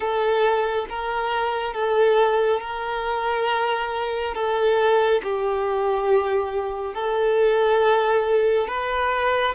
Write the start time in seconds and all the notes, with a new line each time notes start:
0.00 A4
0.89 A#4
1.73 A4
2.60 A#4
4.34 A4
5.23 G4
6.94 A4
8.68 B4